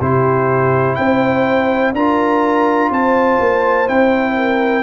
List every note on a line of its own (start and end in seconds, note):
0.00 0.97 C3
0.00 1.95 E4
0.00 0.97 G4
0.00 0.95 C5
0.95 1.92 C4
0.95 1.94 C5
0.95 1.92 G5
1.92 2.89 D4
1.92 3.86 F4
1.92 2.90 A#4
1.92 2.91 A#5
2.90 3.38 C4
2.90 4.35 C5
2.90 3.88 A5
3.39 3.87 A#3
3.86 4.82 C4
3.86 4.82 E4
3.86 4.82 G5
4.35 4.82 A#4